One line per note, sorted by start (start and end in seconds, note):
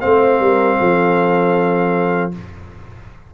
0.00 0.40 A3
0.00 2.32 C4
0.00 0.38 C5
0.00 2.31 F5
0.39 0.78 G3
0.39 0.78 A#4
0.79 2.34 F3
0.79 2.33 A4